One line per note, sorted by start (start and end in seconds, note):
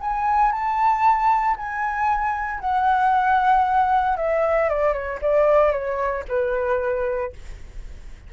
0.00 0.52 G#5
0.52 1.56 A5
1.57 2.60 G#5
2.60 4.16 F#5
4.17 4.69 E5
4.69 4.93 D5
4.93 5.19 C#5
5.21 5.71 D5
5.71 6.23 C#5
6.28 7.32 B4